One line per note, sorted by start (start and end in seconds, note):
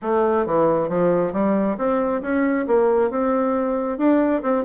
0.01 0.46 A3
0.46 0.88 E3
0.88 1.32 F3
1.32 1.76 G3
1.77 2.21 C4
2.21 2.66 C#4
2.67 3.10 A#3
3.10 3.97 C4
3.97 4.42 D4
4.42 4.64 C4